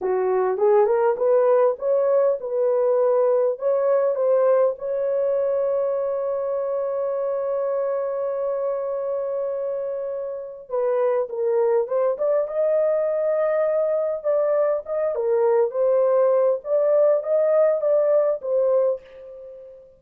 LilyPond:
\new Staff \with { instrumentName = "horn" } { \time 4/4 \tempo 4 = 101 fis'4 gis'8 ais'8 b'4 cis''4 | b'2 cis''4 c''4 | cis''1~ | cis''1~ |
cis''2 b'4 ais'4 | c''8 d''8 dis''2. | d''4 dis''8 ais'4 c''4. | d''4 dis''4 d''4 c''4 | }